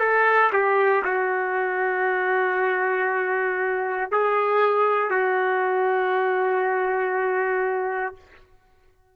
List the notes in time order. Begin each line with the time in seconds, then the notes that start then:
0.00 A4
0.53 G4
1.05 F#4
4.11 G#4
5.11 F#4